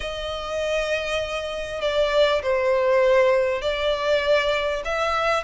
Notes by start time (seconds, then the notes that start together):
0.00 D#5
1.81 D5
2.42 C5
3.61 D5
4.84 E5